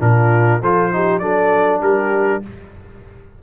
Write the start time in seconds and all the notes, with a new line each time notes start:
0.00 A#2 D4 F4 A#4
0.62 F3 F4 A4 C5
0.93 D#4 G4
1.20 F#3 D4 A4 D5
1.81 G3 G4 A#4